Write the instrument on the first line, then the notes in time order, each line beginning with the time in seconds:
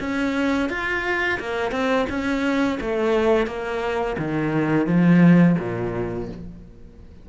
cello
0.00 C#4
0.69 F4
1.40 A#3
1.71 C4
2.09 C#4
2.80 A3
3.46 A#3
4.18 D#3
4.86 F3
5.59 A#2